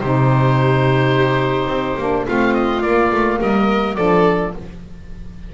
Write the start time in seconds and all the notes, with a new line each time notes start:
0.00 C3 D#4 G4 C5
1.67 C4
1.98 A#3 D4
2.27 A3 C4 F4 F5
2.54 D#5
2.82 A#3 D5
3.11 A3
3.40 G3 A#4 D#5
3.95 F3 D4 A4 D5